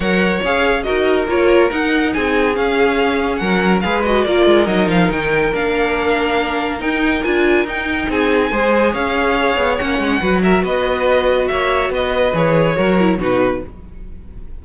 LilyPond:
<<
  \new Staff \with { instrumentName = "violin" } { \time 4/4 \tempo 4 = 141 fis''4 f''4 dis''4 cis''4 | fis''4 gis''4 f''2 | fis''4 f''8 dis''8 d''4 dis''8 f''8 | g''4 f''2. |
g''4 gis''4 g''4 gis''4~ | gis''4 f''2 fis''4~ | fis''8 e''8 dis''2 e''4 | dis''4 cis''2 b'4 | }
  \new Staff \with { instrumentName = "violin" } { \time 4/4 cis''2 ais'2~ | ais'4 gis'2. | ais'4 b'4 ais'2~ | ais'1~ |
ais'2. gis'4 | c''4 cis''2. | b'8 ais'8 b'2 cis''4 | b'2 ais'4 fis'4 | }
  \new Staff \with { instrumentName = "viola" } { \time 4/4 ais'4 gis'4 fis'4 f'4 | dis'2 cis'2~ | cis'4 gis'8 fis'8 f'4 dis'4~ | dis'4 d'2. |
dis'4 f'4 dis'2 | gis'2. cis'4 | fis'1~ | fis'4 gis'4 fis'8 e'8 dis'4 | }
  \new Staff \with { instrumentName = "cello" } { \time 4/4 fis4 cis'4 dis'4 ais4 | dis'4 c'4 cis'2 | fis4 gis4 ais8 gis8 fis8 f8 | dis4 ais2. |
dis'4 d'4 dis'4 c'4 | gis4 cis'4. b8 ais8 gis8 | fis4 b2 ais4 | b4 e4 fis4 b,4 | }
>>